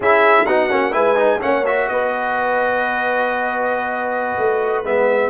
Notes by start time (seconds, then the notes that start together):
0.00 C#4 E4 G#4 E5
0.46 B3 D#4 F#4 F#5
0.70 A#3 C#4
0.92 G#3 E4 B4 G#5
1.16 D#4
1.41 A#3 C#4 C#5 F#5
1.65 F#4 E5
1.88 B3 B4 D#5
4.37 A3
4.83 G#3 B3 E5